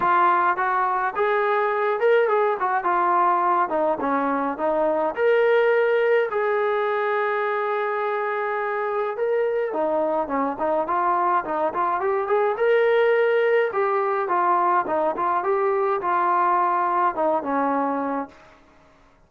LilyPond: \new Staff \with { instrumentName = "trombone" } { \time 4/4 \tempo 4 = 105 f'4 fis'4 gis'4. ais'8 | gis'8 fis'8 f'4. dis'8 cis'4 | dis'4 ais'2 gis'4~ | gis'1 |
ais'4 dis'4 cis'8 dis'8 f'4 | dis'8 f'8 g'8 gis'8 ais'2 | g'4 f'4 dis'8 f'8 g'4 | f'2 dis'8 cis'4. | }